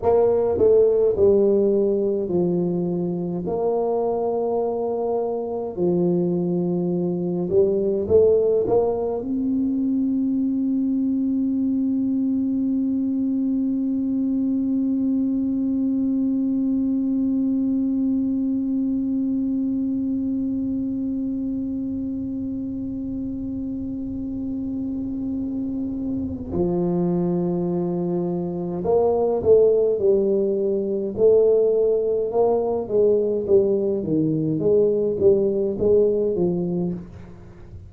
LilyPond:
\new Staff \with { instrumentName = "tuba" } { \time 4/4 \tempo 4 = 52 ais8 a8 g4 f4 ais4~ | ais4 f4. g8 a8 ais8 | c'1~ | c'1~ |
c'1~ | c'2. f4~ | f4 ais8 a8 g4 a4 | ais8 gis8 g8 dis8 gis8 g8 gis8 f8 | }